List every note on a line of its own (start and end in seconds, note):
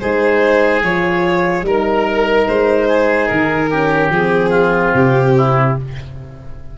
0.00 0.82 G#3
0.00 0.82 D#4
0.00 1.65 G#4
0.00 0.82 C5
0.82 1.62 F3
0.82 1.63 F4
0.82 1.65 C#5
1.62 2.45 G3
1.62 3.69 D#4
1.62 2.47 A#4
1.62 2.88 A#4
2.47 3.30 G#3
2.47 3.27 C5
2.88 3.70 G#4
3.27 4.10 D#3
3.27 4.10 A#4
3.70 4.12 C#4
3.70 4.50 G4
4.10 4.92 F3
4.10 5.77 C4
4.10 4.94 G#4
4.50 5.32 F4
4.94 5.76 C3
4.94 5.78 G4
5.37 5.78 E4